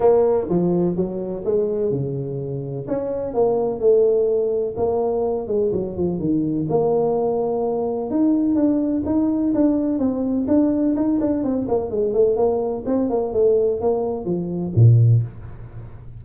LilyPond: \new Staff \with { instrumentName = "tuba" } { \time 4/4 \tempo 4 = 126 ais4 f4 fis4 gis4 | cis2 cis'4 ais4 | a2 ais4. gis8 | fis8 f8 dis4 ais2~ |
ais4 dis'4 d'4 dis'4 | d'4 c'4 d'4 dis'8 d'8 | c'8 ais8 gis8 a8 ais4 c'8 ais8 | a4 ais4 f4 ais,4 | }